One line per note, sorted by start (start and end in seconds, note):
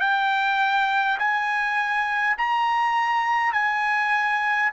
0.00 1.18 G5
1.19 2.36 G#5
2.37 3.52 A#5
3.52 4.70 G#5